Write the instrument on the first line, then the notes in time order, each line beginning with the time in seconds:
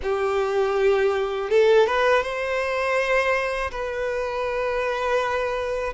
violin
0.02 G4
1.50 A4
1.87 B4
2.22 C5
3.71 B4